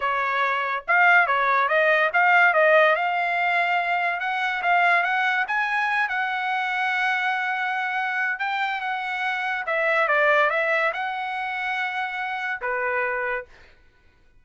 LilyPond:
\new Staff \with { instrumentName = "trumpet" } { \time 4/4 \tempo 4 = 143 cis''2 f''4 cis''4 | dis''4 f''4 dis''4 f''4~ | f''2 fis''4 f''4 | fis''4 gis''4. fis''4.~ |
fis''1 | g''4 fis''2 e''4 | d''4 e''4 fis''2~ | fis''2 b'2 | }